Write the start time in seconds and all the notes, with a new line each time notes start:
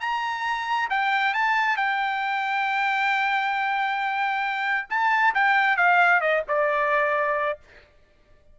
0.00 A#5
0.90 G5
1.34 A5
1.77 G5
4.89 A5
5.35 G5
5.77 F5
6.21 D#5
6.48 D5